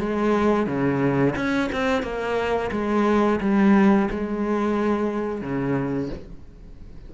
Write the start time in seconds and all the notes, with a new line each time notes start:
0.00 G#3
0.67 C#3
1.36 C#4
1.73 C4
2.03 A#3
2.72 G#3
3.41 G3
4.11 G#3
5.42 C#3